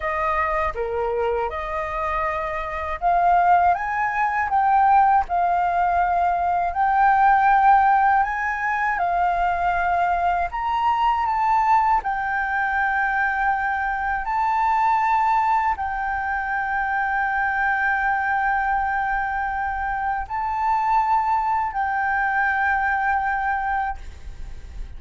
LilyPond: \new Staff \with { instrumentName = "flute" } { \time 4/4 \tempo 4 = 80 dis''4 ais'4 dis''2 | f''4 gis''4 g''4 f''4~ | f''4 g''2 gis''4 | f''2 ais''4 a''4 |
g''2. a''4~ | a''4 g''2.~ | g''2. a''4~ | a''4 g''2. | }